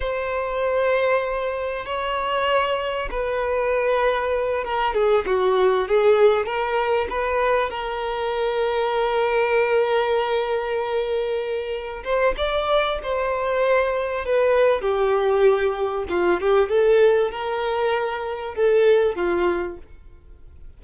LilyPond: \new Staff \with { instrumentName = "violin" } { \time 4/4 \tempo 4 = 97 c''2. cis''4~ | cis''4 b'2~ b'8 ais'8 | gis'8 fis'4 gis'4 ais'4 b'8~ | b'8 ais'2.~ ais'8~ |
ais'2.~ ais'8 c''8 | d''4 c''2 b'4 | g'2 f'8 g'8 a'4 | ais'2 a'4 f'4 | }